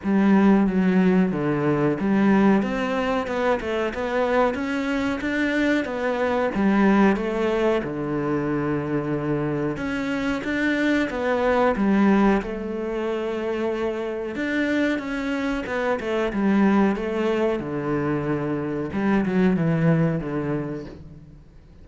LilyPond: \new Staff \with { instrumentName = "cello" } { \time 4/4 \tempo 4 = 92 g4 fis4 d4 g4 | c'4 b8 a8 b4 cis'4 | d'4 b4 g4 a4 | d2. cis'4 |
d'4 b4 g4 a4~ | a2 d'4 cis'4 | b8 a8 g4 a4 d4~ | d4 g8 fis8 e4 d4 | }